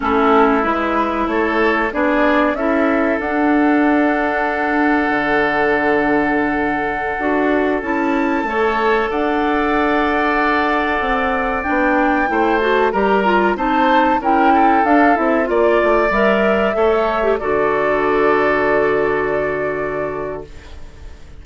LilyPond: <<
  \new Staff \with { instrumentName = "flute" } { \time 4/4 \tempo 4 = 94 a'4 b'4 cis''4 d''4 | e''4 fis''2.~ | fis''1~ | fis''16 a''2 fis''4.~ fis''16~ |
fis''2~ fis''16 g''4. a''16~ | a''16 ais''4 a''4 g''4 f''8 e''16~ | e''16 d''4 e''2 d''8.~ | d''1 | }
  \new Staff \with { instrumentName = "oboe" } { \time 4/4 e'2 a'4 gis'4 | a'1~ | a'1~ | a'4~ a'16 cis''4 d''4.~ d''16~ |
d''2.~ d''16 c''8.~ | c''16 ais'4 c''4 ais'8 a'4~ a'16~ | a'16 d''2 cis''4 a'8.~ | a'1 | }
  \new Staff \with { instrumentName = "clarinet" } { \time 4/4 cis'4 e'2 d'4 | e'4 d'2.~ | d'2.~ d'16 fis'8.~ | fis'16 e'4 a'2~ a'8.~ |
a'2~ a'16 d'4 e'8 fis'16~ | fis'16 g'8 f'8 dis'4 e'4 d'8 e'16~ | e'16 f'4 ais'4 a'8. g'16 fis'8.~ | fis'1 | }
  \new Staff \with { instrumentName = "bassoon" } { \time 4/4 a4 gis4 a4 b4 | cis'4 d'2. | d2.~ d16 d'8.~ | d'16 cis'4 a4 d'4.~ d'16~ |
d'4~ d'16 c'4 b4 a8.~ | a16 g4 c'4 cis'4 d'8 c'16~ | c'16 ais8 a8 g4 a4 d8.~ | d1 | }
>>